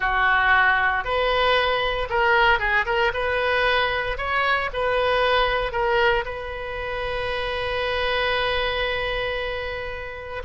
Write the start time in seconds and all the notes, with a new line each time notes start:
0.00 F#4
1.04 B4
2.09 A#4
2.59 G#4
2.85 A#4
3.13 B4
4.17 C#5
4.73 B4
5.72 A#4
6.25 B4